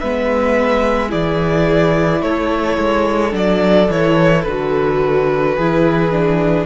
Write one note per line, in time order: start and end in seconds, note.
0.00 1.13 G#3
0.00 1.09 B3
0.00 1.09 B4
0.00 1.11 E5
1.09 2.22 E3
1.09 3.31 E4
1.09 2.20 G#4
1.09 2.22 D5
2.22 2.78 A3
2.22 5.56 A4
2.22 3.33 C#5
2.78 3.33 G#3
3.31 3.89 F#3
3.31 3.87 D4
3.31 3.91 D5
3.89 4.45 E3
3.89 4.47 E4
3.89 4.43 C#5
4.43 5.57 D3
4.43 6.65 B4
4.49 5.60 F#4
5.56 6.66 E3
5.56 6.12 E4
5.56 6.66 G#4
6.12 6.66 D4